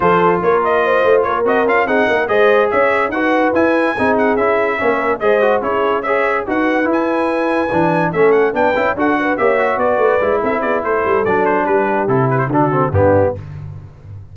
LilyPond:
<<
  \new Staff \with { instrumentName = "trumpet" } { \time 4/4 \tempo 4 = 144 c''4 cis''8 dis''4. cis''8 dis''8 | f''8 fis''4 dis''4 e''4 fis''8~ | fis''8 gis''4. fis''8 e''4.~ | e''8 dis''4 cis''4 e''4 fis''8~ |
fis''8 gis''2. e''8 | fis''8 g''4 fis''4 e''4 d''8~ | d''4 e''8 d''8 c''4 d''8 c''8 | b'4 a'8 b'16 c''16 a'4 g'4 | }
  \new Staff \with { instrumentName = "horn" } { \time 4/4 a'4 ais'4 c''4 ais'4~ | ais'8 gis'8 ais'8 c''4 cis''4 b'8~ | b'4. gis'2 cis''8 | ais'8 c''4 gis'4 cis''4 b'8~ |
b'2.~ b'8 a'8~ | a'8 b'4 a'8 b'8 cis''4 b'8~ | b'4 a'8 gis'8 a'2 | g'2 fis'4 d'4 | }
  \new Staff \with { instrumentName = "trombone" } { \time 4/4 f'2.~ f'8 fis'8 | f'8 dis'4 gis'2 fis'8~ | fis'8 e'4 dis'4 e'4 cis'8~ | cis'8 gis'8 fis'8 e'4 gis'4 fis'8~ |
fis'8 e'2 d'4 cis'8~ | cis'8 d'8 e'8 fis'4 g'8 fis'4~ | fis'8 e'2~ e'8 d'4~ | d'4 e'4 d'8 c'8 b4 | }
  \new Staff \with { instrumentName = "tuba" } { \time 4/4 f4 ais4. a8 ais8 c'8 | cis'8 c'8 ais8 gis4 cis'4 dis'8~ | dis'8 e'4 c'4 cis'4 ais8~ | ais8 gis4 cis'2 dis'8~ |
dis'8 e'2 e4 a8~ | a8 b8 cis'8 d'4 ais4 b8 | a8 gis8 c'8 b8 a8 g8 fis4 | g4 c4 d4 g,4 | }
>>